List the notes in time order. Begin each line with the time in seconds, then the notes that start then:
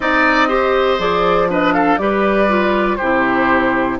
0.00 C4 D#4 D5 D#5
0.48 G4 C5
0.98 F3 G#4 D5
1.49 D4 B4 D#5
1.73 A4 F5
1.97 G3 G4 B4 D5
2.48 F4
2.96 C3 E4 G4 C5